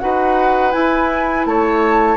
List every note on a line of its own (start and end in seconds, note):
0.00 0.74 D#4
0.00 0.72 F#4
0.00 1.48 B4
0.00 0.72 F#5
0.72 2.18 E4
0.72 1.46 E4
0.72 1.46 G#5
1.46 2.18 A3
1.46 2.18 C#5
1.46 2.18 A5